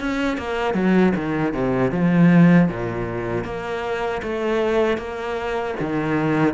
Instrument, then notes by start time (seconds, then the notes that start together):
cello
0.00 C#4
0.38 A#3
0.74 F#3
1.16 D#3
1.53 C3
1.92 F3
2.69 A#2
3.45 A#3
4.23 A3
4.98 A#3
5.80 D#3